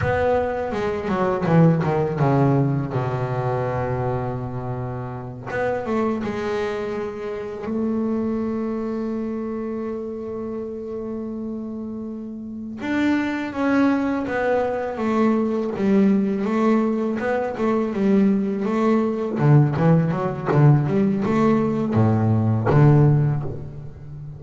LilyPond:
\new Staff \with { instrumentName = "double bass" } { \time 4/4 \tempo 4 = 82 b4 gis8 fis8 e8 dis8 cis4 | b,2.~ b,8 b8 | a8 gis2 a4.~ | a1~ |
a4. d'4 cis'4 b8~ | b8 a4 g4 a4 b8 | a8 g4 a4 d8 e8 fis8 | d8 g8 a4 a,4 d4 | }